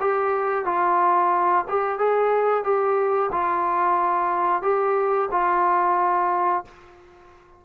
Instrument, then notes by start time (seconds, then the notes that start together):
trombone
0.00 G4
0.65 F4
1.68 G4
1.98 G#4
2.63 G4
3.32 F4
4.62 G4
5.31 F4